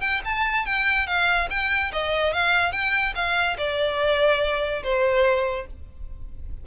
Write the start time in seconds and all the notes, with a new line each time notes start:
0.00 G5
0.25 A5
0.65 G5
1.06 F5
1.50 G5
1.92 D#5
2.33 F5
2.72 G5
3.15 F5
3.57 D5
4.83 C5